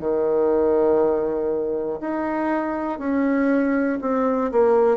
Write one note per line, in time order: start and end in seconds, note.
0.00 2.00 D#3
2.01 3.00 D#4
3.00 4.00 C#4
4.01 4.51 C4
4.52 4.98 A#3